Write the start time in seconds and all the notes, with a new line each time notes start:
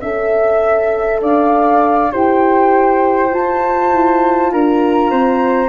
0.00 C#4 A4 E5
1.21 D4 D5 F5
2.12 E4 G4 C5 G5
3.30 F4 A5
3.93 E4
4.52 D4 A#4 A#5
5.11 C4 C5